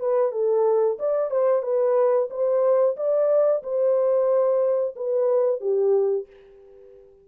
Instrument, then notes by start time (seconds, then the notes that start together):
horn
0.00 B4
0.32 A4
1.00 D5
1.31 C5
1.63 B4
2.30 C5
2.97 D5
3.63 C5
4.96 B4
5.61 G4